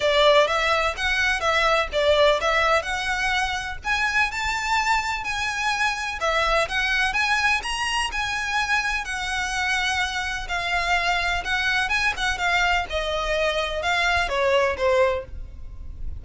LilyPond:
\new Staff \with { instrumentName = "violin" } { \time 4/4 \tempo 4 = 126 d''4 e''4 fis''4 e''4 | d''4 e''4 fis''2 | gis''4 a''2 gis''4~ | gis''4 e''4 fis''4 gis''4 |
ais''4 gis''2 fis''4~ | fis''2 f''2 | fis''4 gis''8 fis''8 f''4 dis''4~ | dis''4 f''4 cis''4 c''4 | }